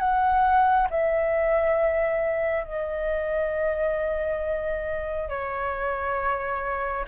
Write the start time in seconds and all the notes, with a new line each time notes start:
0.00 F#5
0.91 E5
2.65 D#5
5.29 C#5